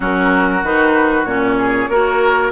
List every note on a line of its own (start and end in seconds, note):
0.00 0.63 F#3
0.00 0.63 C#4
0.00 1.55 F#4
0.00 0.64 A#4
0.63 1.24 D#3
0.63 1.26 D#4
0.63 1.25 B4
1.24 1.87 A#2
1.24 1.89 C#4
1.24 2.51 C#5
1.58 1.89 G#4
1.88 2.52 A#3
1.88 2.52 F#4
1.88 2.52 A#4